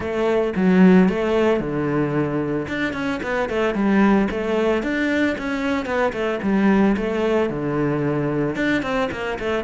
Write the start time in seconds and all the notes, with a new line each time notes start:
0.00 A3
0.56 F#3
1.09 A3
1.59 D3
2.68 D4
2.93 C#4
3.22 B3
3.49 A3
3.74 G3
4.30 A3
4.82 D4
5.38 C#4
5.85 B3
6.12 A3
6.42 G3
6.96 A3
7.49 D3
8.55 D4
8.82 C4
9.11 A#3
9.39 A3